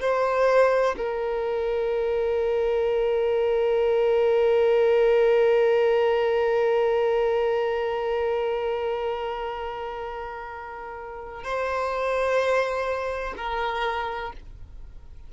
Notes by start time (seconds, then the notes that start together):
0.00 C5
0.97 A#4
11.44 C5
13.37 A#4